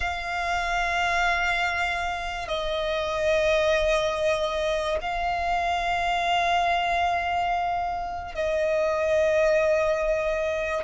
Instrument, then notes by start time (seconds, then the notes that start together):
violin
0.00 F5
2.48 D#5
5.01 F5
8.34 D#5